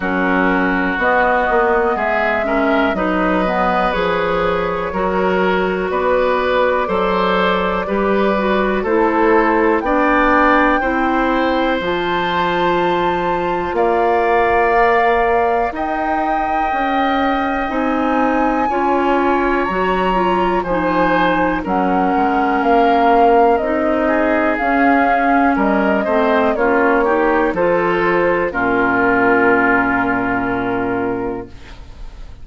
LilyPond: <<
  \new Staff \with { instrumentName = "flute" } { \time 4/4 \tempo 4 = 61 ais'4 dis''4 e''4 dis''4 | cis''2 d''2~ | d''4 c''4 g''2 | a''2 f''2 |
g''2 gis''2 | ais''4 gis''4 fis''4 f''4 | dis''4 f''4 dis''4 cis''4 | c''4 ais'2. | }
  \new Staff \with { instrumentName = "oboe" } { \time 4/4 fis'2 gis'8 ais'8 b'4~ | b'4 ais'4 b'4 c''4 | b'4 a'4 d''4 c''4~ | c''2 d''2 |
dis''2. cis''4~ | cis''4 c''4 ais'2~ | ais'8 gis'4. ais'8 c''8 f'8 g'8 | a'4 f'2. | }
  \new Staff \with { instrumentName = "clarinet" } { \time 4/4 cis'4 b4. cis'8 dis'8 b8 | gis'4 fis'2 a'4 | g'8 fis'8 e'4 d'4 e'4 | f'2. ais'4~ |
ais'2 dis'4 f'4 | fis'8 f'8 dis'4 cis'2 | dis'4 cis'4. c'8 cis'8 dis'8 | f'4 cis'2. | }
  \new Staff \with { instrumentName = "bassoon" } { \time 4/4 fis4 b8 ais8 gis4 fis4 | f4 fis4 b4 fis4 | g4 a4 b4 c'4 | f2 ais2 |
dis'4 cis'4 c'4 cis'4 | fis4 f4 fis8 gis8 ais4 | c'4 cis'4 g8 a8 ais4 | f4 ais,2. | }
>>